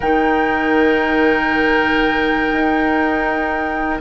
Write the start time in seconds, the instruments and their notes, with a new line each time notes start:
0.00 bassoon D#3, clarinet D#4, oboe A#4, flute G5
2.52 bassoon D#4